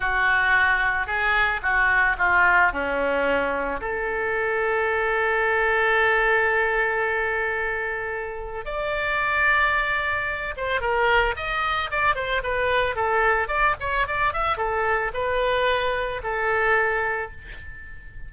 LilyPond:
\new Staff \with { instrumentName = "oboe" } { \time 4/4 \tempo 4 = 111 fis'2 gis'4 fis'4 | f'4 cis'2 a'4~ | a'1~ | a'1 |
d''2.~ d''8 c''8 | ais'4 dis''4 d''8 c''8 b'4 | a'4 d''8 cis''8 d''8 e''8 a'4 | b'2 a'2 | }